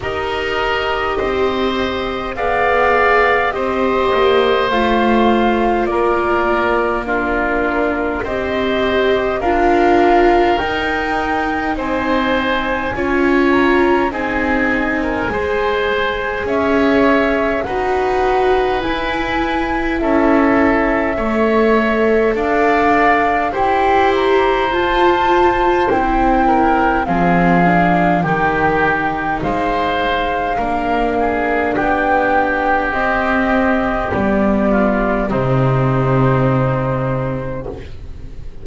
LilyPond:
<<
  \new Staff \with { instrumentName = "flute" } { \time 4/4 \tempo 4 = 51 dis''2 f''4 dis''4 | f''4 d''4 ais'4 dis''4 | f''4 g''4 gis''4. ais''8 | gis''2 e''4 fis''4 |
gis''4 e''2 f''4 | g''8 ais''8 a''4 g''4 f''4 | g''4 f''2 g''4 | dis''4 d''4 c''2 | }
  \new Staff \with { instrumentName = "oboe" } { \time 4/4 ais'4 c''4 d''4 c''4~ | c''4 ais'4 f'4 c''4 | ais'2 c''4 cis''4 | gis'8. ais'16 c''4 cis''4 b'4~ |
b'4 a'4 cis''4 d''4 | c''2~ c''8 ais'8 gis'4 | g'4 c''4 ais'8 gis'8 g'4~ | g'4. f'8 dis'2 | }
  \new Staff \with { instrumentName = "viola" } { \time 4/4 g'2 gis'4 g'4 | f'2 d'4 g'4 | f'4 dis'2 f'4 | dis'4 gis'2 fis'4 |
e'2 a'2 | g'4 f'4 e'4 c'8 d'8 | dis'2 d'2 | c'4 b4 c'2 | }
  \new Staff \with { instrumentName = "double bass" } { \time 4/4 dis'4 c'4 b4 c'8 ais8 | a4 ais2 c'4 | d'4 dis'4 c'4 cis'4 | c'4 gis4 cis'4 dis'4 |
e'4 cis'4 a4 d'4 | e'4 f'4 c'4 f4 | dis4 gis4 ais4 b4 | c'4 g4 c2 | }
>>